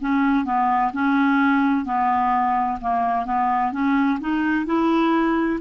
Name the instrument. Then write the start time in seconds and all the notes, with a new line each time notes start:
clarinet
0.00 C#4
0.45 B3
0.93 C#4
1.85 B3
2.81 A#3
3.26 B3
3.72 C#4
4.20 D#4
4.66 E4